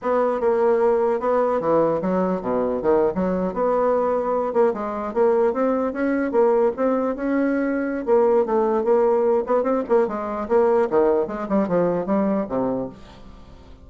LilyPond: \new Staff \with { instrumentName = "bassoon" } { \time 4/4 \tempo 4 = 149 b4 ais2 b4 | e4 fis4 b,4 dis8. fis16~ | fis8. b2~ b8 ais8 gis16~ | gis8. ais4 c'4 cis'4 ais16~ |
ais8. c'4 cis'2~ cis'16 | ais4 a4 ais4. b8 | c'8 ais8 gis4 ais4 dis4 | gis8 g8 f4 g4 c4 | }